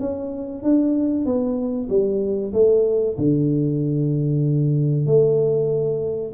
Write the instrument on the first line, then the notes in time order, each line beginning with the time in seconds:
tuba
0.00 C#4
0.63 D4
1.25 B3
1.89 G3
2.53 A3
3.18 D3
5.06 A3